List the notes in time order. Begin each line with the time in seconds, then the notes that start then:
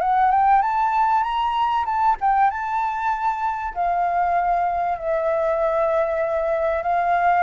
0.00 F#5
0.31 G5
0.62 A5
1.23 A#5
1.85 A5
2.20 G5
2.50 A5
3.74 F5
4.98 E5
6.82 F5